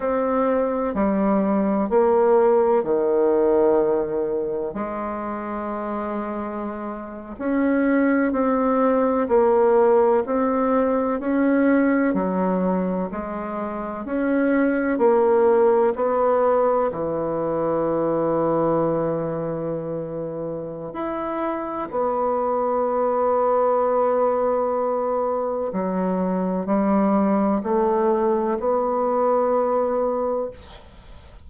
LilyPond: \new Staff \with { instrumentName = "bassoon" } { \time 4/4 \tempo 4 = 63 c'4 g4 ais4 dis4~ | dis4 gis2~ gis8. cis'16~ | cis'8. c'4 ais4 c'4 cis'16~ | cis'8. fis4 gis4 cis'4 ais16~ |
ais8. b4 e2~ e16~ | e2 e'4 b4~ | b2. fis4 | g4 a4 b2 | }